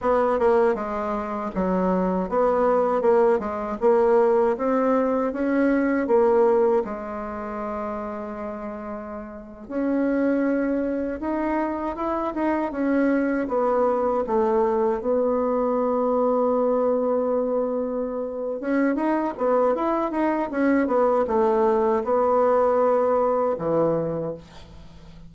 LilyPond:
\new Staff \with { instrumentName = "bassoon" } { \time 4/4 \tempo 4 = 79 b8 ais8 gis4 fis4 b4 | ais8 gis8 ais4 c'4 cis'4 | ais4 gis2.~ | gis8. cis'2 dis'4 e'16~ |
e'16 dis'8 cis'4 b4 a4 b16~ | b1~ | b8 cis'8 dis'8 b8 e'8 dis'8 cis'8 b8 | a4 b2 e4 | }